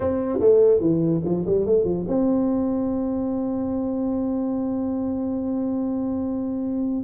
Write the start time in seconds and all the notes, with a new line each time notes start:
0.00 C4
0.39 A3
0.80 E3
1.24 F3
1.46 G3
1.66 A3
1.84 F3
2.07 C4